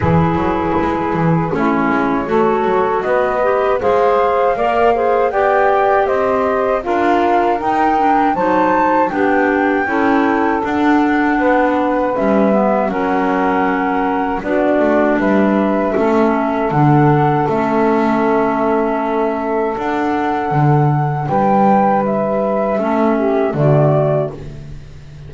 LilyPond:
<<
  \new Staff \with { instrumentName = "flute" } { \time 4/4 \tempo 4 = 79 b'2 cis''2 | dis''4 f''2 g''4 | dis''4 f''4 g''4 a''4 | g''2 fis''2 |
e''4 fis''2 d''4 | e''2 fis''4 e''4~ | e''2 fis''2 | g''4 e''2 d''4 | }
  \new Staff \with { instrumentName = "saxophone" } { \time 4/4 gis'2 e'4 a'4 | b'4 c''4 d''8 c''8 d''4 | c''4 ais'2 c''4 | g'4 a'2 b'4~ |
b'4 ais'2 fis'4 | b'4 a'2.~ | a'1 | b'2 a'8 g'8 fis'4 | }
  \new Staff \with { instrumentName = "clarinet" } { \time 4/4 e'2 cis'4 fis'4~ | fis'8 g'8 gis'4 ais'8 gis'8 g'4~ | g'4 f'4 dis'8 d'8 dis'4 | d'4 e'4 d'2 |
cis'8 b8 cis'2 d'4~ | d'4 cis'4 d'4 cis'4~ | cis'2 d'2~ | d'2 cis'4 a4 | }
  \new Staff \with { instrumentName = "double bass" } { \time 4/4 e8 fis8 gis8 e8 a8 gis8 a8 fis8 | b4 gis4 ais4 b4 | c'4 d'4 dis'4 fis4 | b4 cis'4 d'4 b4 |
g4 fis2 b8 a8 | g4 a4 d4 a4~ | a2 d'4 d4 | g2 a4 d4 | }
>>